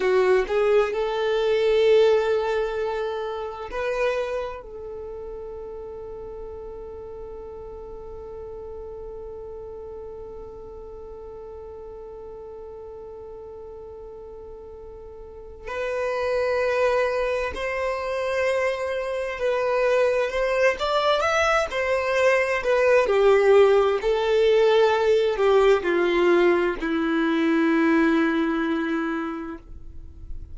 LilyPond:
\new Staff \with { instrumentName = "violin" } { \time 4/4 \tempo 4 = 65 fis'8 gis'8 a'2. | b'4 a'2.~ | a'1~ | a'1~ |
a'4 b'2 c''4~ | c''4 b'4 c''8 d''8 e''8 c''8~ | c''8 b'8 g'4 a'4. g'8 | f'4 e'2. | }